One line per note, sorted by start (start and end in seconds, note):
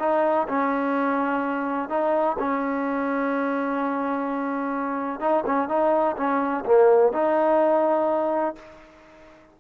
0.00 0.48 D#4
0.49 1.90 C#4
1.90 2.37 D#4
2.39 5.21 C#4
5.21 5.44 D#4
5.47 5.69 C#4
5.69 6.16 D#4
6.17 6.65 C#4
6.66 7.13 A#3
7.13 8.56 D#4